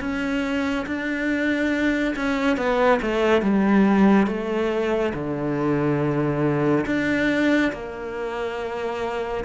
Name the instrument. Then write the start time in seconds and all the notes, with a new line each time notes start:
cello
0.00 C#4
0.86 D4
2.16 C#4
2.57 B3
3.02 A3
3.42 G3
4.27 A3
5.14 D3
6.86 D4
7.73 A#3